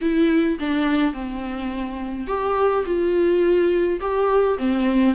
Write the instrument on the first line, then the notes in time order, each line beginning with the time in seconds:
viola
0.01 E4
0.59 D4
1.13 C4
2.27 G4
2.85 F4
4.00 G4
4.58 C4